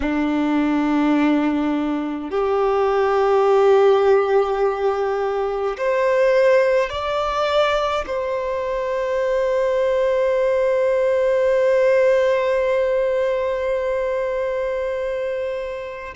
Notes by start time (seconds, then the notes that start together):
0.00 D4
2.30 G4
5.77 C5
6.89 D5
8.07 C5